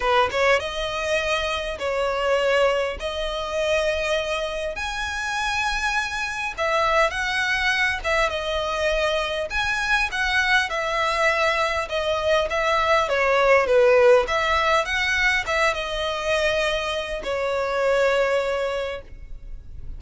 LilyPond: \new Staff \with { instrumentName = "violin" } { \time 4/4 \tempo 4 = 101 b'8 cis''8 dis''2 cis''4~ | cis''4 dis''2. | gis''2. e''4 | fis''4. e''8 dis''2 |
gis''4 fis''4 e''2 | dis''4 e''4 cis''4 b'4 | e''4 fis''4 e''8 dis''4.~ | dis''4 cis''2. | }